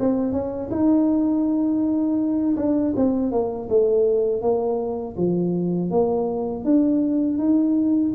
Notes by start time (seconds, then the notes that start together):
0.00 C4
0.33 C#4
0.71 D#4
2.57 D4
2.97 C4
3.32 A#3
3.70 A3
4.42 A#3
5.18 F3
5.91 A#3
6.65 D4
7.39 D#4